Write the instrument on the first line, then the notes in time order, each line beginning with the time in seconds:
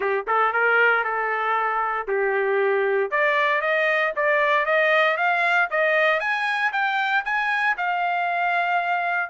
trumpet
0.00 G4
0.27 A4
0.53 A#4
1.03 A4
2.07 G4
3.10 D5
3.61 D#5
4.16 D5
4.65 D#5
5.17 F5
5.70 D#5
6.20 G#5
6.72 G5
7.24 G#5
7.77 F5